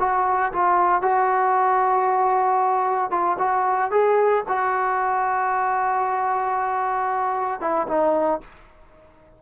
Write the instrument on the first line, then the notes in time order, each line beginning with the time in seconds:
trombone
0.00 F#4
0.53 F4
1.02 F#4
3.11 F4
3.39 F#4
3.91 G#4
4.48 F#4
7.61 E4
7.88 D#4